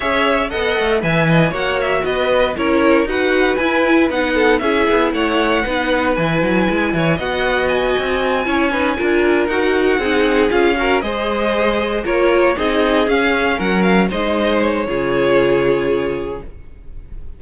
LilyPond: <<
  \new Staff \with { instrumentName = "violin" } { \time 4/4 \tempo 4 = 117 e''4 fis''4 gis''4 fis''8 e''8 | dis''4 cis''4 fis''4 gis''4 | fis''4 e''4 fis''2 | gis''2 fis''4 gis''4~ |
gis''2~ gis''8 fis''4.~ | fis''8 f''4 dis''2 cis''8~ | cis''8 dis''4 f''4 fis''8 f''8 dis''8~ | dis''8 cis''2.~ cis''8 | }
  \new Staff \with { instrumentName = "violin" } { \time 4/4 cis''4 dis''4 e''8 dis''8 cis''4 | b'4 ais'4 b'2~ | b'8 a'8 gis'4 cis''4 b'4~ | b'4. cis''8 dis''2~ |
dis''8 cis''8 b'8 ais'2 gis'8~ | gis'4 ais'8 c''2 ais'8~ | ais'8 gis'2 ais'4 c''8~ | c''4 gis'2. | }
  \new Staff \with { instrumentName = "viola" } { \time 4/4 gis'4 a'4 b'4 fis'4~ | fis'4 e'4 fis'4 e'4 | dis'4 e'2 dis'4 | e'2 fis'2~ |
fis'8 e'8 dis'8 f'4 fis'4 dis'8~ | dis'8 f'8 fis'8 gis'2 f'8~ | f'8 dis'4 cis'2 dis'8~ | dis'4 f'2. | }
  \new Staff \with { instrumentName = "cello" } { \time 4/4 cis'4 b8 a8 e4 ais4 | b4 cis'4 dis'4 e'4 | b4 cis'8 b8 a4 b4 | e8 fis8 gis8 e8 b4. c'8~ |
c'8 cis'4 d'4 dis'4 c'8~ | c'8 cis'4 gis2 ais8~ | ais8 c'4 cis'4 fis4 gis8~ | gis4 cis2. | }
>>